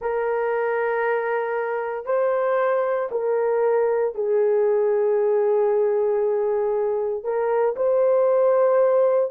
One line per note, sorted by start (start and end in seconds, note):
0.01 2.05 A#4
2.05 3.08 C5
3.11 4.14 A#4
4.14 7.23 G#4
7.23 7.75 A#4
7.76 9.31 C5